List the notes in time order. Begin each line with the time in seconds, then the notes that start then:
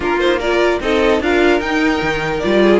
0.00 A#3 D4 F4 A#4
0.19 D#4 C5
0.39 F4 A#4 D5
0.80 C4 D#4 A4 D#5
1.20 D4 F4 A#4 F5
1.60 D#4 G5
2.01 D#3
2.39 G3 F4 D5
2.62 G#4